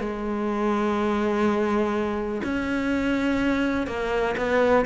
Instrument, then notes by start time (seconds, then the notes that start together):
cello
0.00 G#3
2.43 C#4
3.87 A#3
4.37 B3